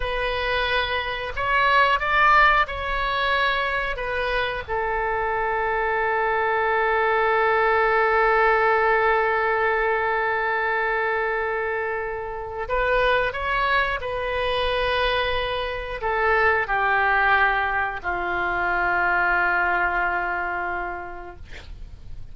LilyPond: \new Staff \with { instrumentName = "oboe" } { \time 4/4 \tempo 4 = 90 b'2 cis''4 d''4 | cis''2 b'4 a'4~ | a'1~ | a'1~ |
a'2. b'4 | cis''4 b'2. | a'4 g'2 f'4~ | f'1 | }